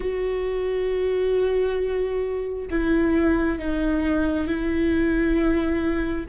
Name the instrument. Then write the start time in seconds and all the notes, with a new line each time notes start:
viola
0.00 F#4
2.70 E4
3.58 D#4
4.47 E4